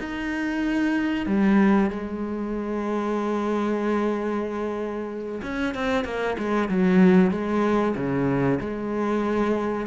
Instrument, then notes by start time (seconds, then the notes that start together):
cello
0.00 D#4
1.27 G3
1.91 G#3
5.43 C#4
5.75 C4
6.05 A#3
6.39 G#3
6.69 F#3
7.31 G#3
7.96 C#3
8.61 G#3